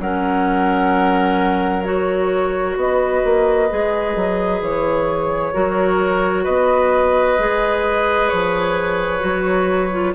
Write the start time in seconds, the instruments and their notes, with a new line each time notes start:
0.00 bassoon F#3, clarinet C#4, oboe A#4, flute F#5
1.84 clarinet F#4, flute C#5
2.77 bassoon B3, oboe B4, flute D#5
3.24 bassoon A#3
3.70 bassoon G#3, clarinet G#4
4.16 bassoon F#3
4.61 bassoon E3, flute C#5
5.53 bassoon F#3, clarinet F#4, oboe A#4
6.44 bassoon B3, oboe B4, flute D#5
7.39 bassoon G#3, clarinet G#4
8.29 bassoon F3, flute C#5
9.20 bassoon F#3, clarinet F#4
9.92 clarinet F4